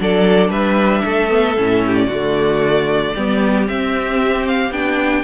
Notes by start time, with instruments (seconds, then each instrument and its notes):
0.00 cello F#3, viola D4, violin A4 D5
0.49 cello G3, violin B4 E5
1.05 cello A3, violin A4
1.29 viola B3
1.58 cello A2, viola C#4
1.87 violin G4
1.95 violin D5
2.07 cello D3, viola A3, violin F#4
3.15 cello G3, viola B3, violin G4
3.66 viola C4, cello C4, violin E5
4.48 violin F5
4.71 cello B3, viola D4, violin G5